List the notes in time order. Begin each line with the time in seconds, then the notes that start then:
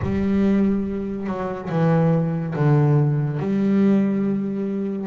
0.02 G3
1.26 F#3
1.69 E3
2.55 D3
3.39 G3